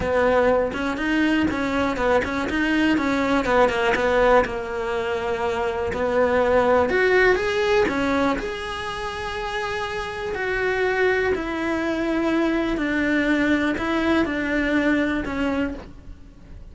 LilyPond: \new Staff \with { instrumentName = "cello" } { \time 4/4 \tempo 4 = 122 b4. cis'8 dis'4 cis'4 | b8 cis'8 dis'4 cis'4 b8 ais8 | b4 ais2. | b2 fis'4 gis'4 |
cis'4 gis'2.~ | gis'4 fis'2 e'4~ | e'2 d'2 | e'4 d'2 cis'4 | }